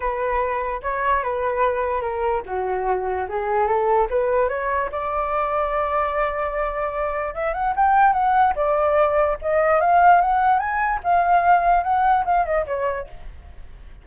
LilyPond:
\new Staff \with { instrumentName = "flute" } { \time 4/4 \tempo 4 = 147 b'2 cis''4 b'4~ | b'4 ais'4 fis'2 | gis'4 a'4 b'4 cis''4 | d''1~ |
d''2 e''8 fis''8 g''4 | fis''4 d''2 dis''4 | f''4 fis''4 gis''4 f''4~ | f''4 fis''4 f''8 dis''8 cis''4 | }